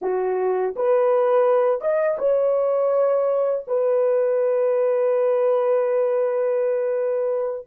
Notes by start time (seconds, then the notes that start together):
0.01 F#4
0.75 B4
1.81 D#5
2.18 C#5
3.67 B4